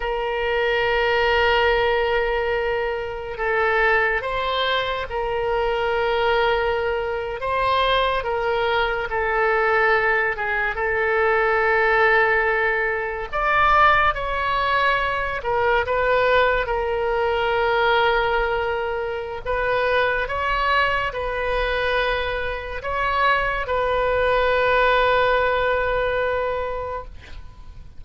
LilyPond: \new Staff \with { instrumentName = "oboe" } { \time 4/4 \tempo 4 = 71 ais'1 | a'4 c''4 ais'2~ | ais'8. c''4 ais'4 a'4~ a'16~ | a'16 gis'8 a'2. d''16~ |
d''8. cis''4. ais'8 b'4 ais'16~ | ais'2. b'4 | cis''4 b'2 cis''4 | b'1 | }